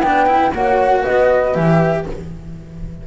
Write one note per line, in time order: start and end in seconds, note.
0.00 0.52 B3
0.00 0.26 D4
0.00 0.51 B4
0.00 0.53 G5
0.26 0.52 E4
0.53 1.04 A#3
0.53 1.54 F#4
0.53 1.01 C#5
0.53 1.05 F#5
1.01 2.03 B4
1.01 1.54 D#5
1.08 1.55 B3
1.54 2.07 E3
1.54 2.06 G4
1.54 2.05 E5